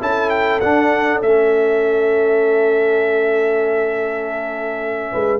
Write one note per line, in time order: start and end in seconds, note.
0.00 0.61 C#4
0.00 0.60 E4
0.00 5.10 A4
0.00 0.29 A5
0.29 0.59 G5
0.60 1.21 D4
0.60 1.23 D4
0.60 1.20 F#5
1.21 5.11 A3
1.21 5.40 C#4
1.21 5.40 E5
5.11 5.40 G#3
5.11 5.40 B4